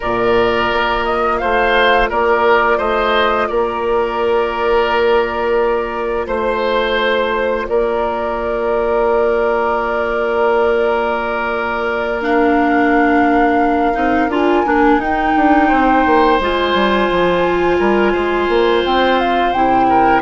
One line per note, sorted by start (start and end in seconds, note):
0.00 0.72 A#2
0.00 12.21 F4
0.00 1.36 A#4
0.00 1.04 D5
0.72 1.42 A#3
1.04 1.37 D#5
1.37 2.10 A3
1.37 2.09 C5
1.37 2.07 F5
2.09 2.78 A#3
2.09 2.77 A#4
2.09 2.78 D5
2.77 3.48 A3
2.77 3.47 C5
2.77 3.47 D#5
3.47 6.26 A#3
3.47 6.26 A#4
3.47 6.26 D5
6.26 7.66 A3
6.26 7.66 C5
6.26 7.68 C5
7.68 13.95 A#3
7.68 15.67 A#4
7.68 12.21 D5
12.21 13.94 D4
12.21 14.31 F5
13.94 14.28 C4
13.94 14.28 D#4
14.28 14.63 D4
14.28 14.65 F4
14.28 15.01 G#5
14.66 14.98 A#3
14.66 14.99 D4
14.98 15.32 D#4
14.98 16.39 D#4
14.98 16.41 G5
15.36 15.71 D4
15.67 16.05 C4
15.67 17.77 C5
16.05 16.39 A#3
16.39 16.74 G#3
16.39 19.55 F4
16.39 18.85 G#5
16.74 17.08 G3
17.10 17.79 F3
17.78 18.13 G3
17.78 18.12 A#4
18.12 18.48 G#3
18.12 19.86 C5
18.48 18.83 A#3
18.85 19.53 C4
18.85 19.20 G5
19.20 19.52 F5
19.52 20.22 C3
19.52 20.22 E4
19.52 20.22 G5
19.88 20.22 A#4